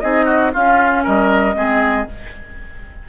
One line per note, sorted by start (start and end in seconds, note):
0.00 0.55 C4
0.00 0.53 D#4
0.00 0.26 G#4
0.00 0.51 D#5
0.26 0.51 F#4
0.53 1.55 C#4
0.53 1.06 C#4
0.53 1.04 F4
0.53 1.04 F5
1.04 1.55 G3
1.04 1.55 A#4
1.04 2.09 D#5
1.55 2.07 G#3
1.55 2.06 C4
1.55 2.08 G#4